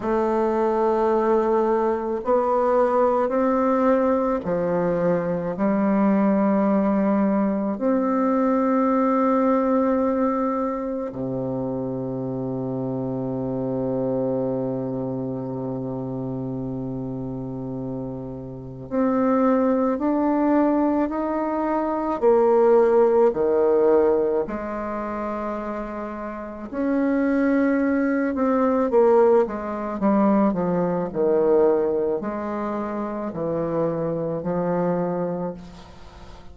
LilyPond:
\new Staff \with { instrumentName = "bassoon" } { \time 4/4 \tempo 4 = 54 a2 b4 c'4 | f4 g2 c'4~ | c'2 c2~ | c1~ |
c4 c'4 d'4 dis'4 | ais4 dis4 gis2 | cis'4. c'8 ais8 gis8 g8 f8 | dis4 gis4 e4 f4 | }